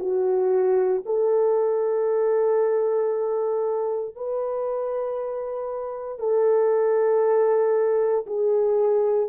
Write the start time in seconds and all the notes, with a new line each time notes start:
0.00 F#4
1.06 A4
4.16 B4
6.19 A4
8.27 G#4